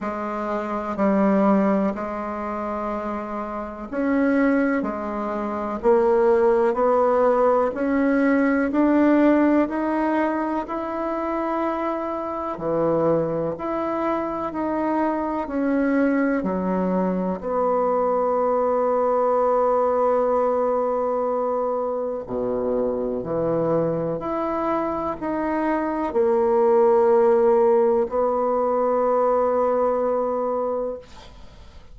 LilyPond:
\new Staff \with { instrumentName = "bassoon" } { \time 4/4 \tempo 4 = 62 gis4 g4 gis2 | cis'4 gis4 ais4 b4 | cis'4 d'4 dis'4 e'4~ | e'4 e4 e'4 dis'4 |
cis'4 fis4 b2~ | b2. b,4 | e4 e'4 dis'4 ais4~ | ais4 b2. | }